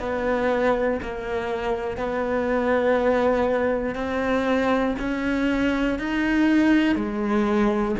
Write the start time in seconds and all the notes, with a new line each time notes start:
0.00 B3
1.02 A#3
1.97 B3
3.95 C4
4.99 C#4
5.99 D#4
6.96 G#3